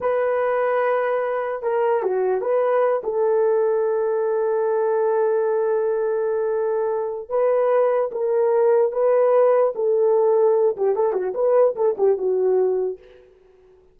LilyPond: \new Staff \with { instrumentName = "horn" } { \time 4/4 \tempo 4 = 148 b'1 | ais'4 fis'4 b'4. a'8~ | a'1~ | a'1~ |
a'2 b'2 | ais'2 b'2 | a'2~ a'8 g'8 a'8 fis'8 | b'4 a'8 g'8 fis'2 | }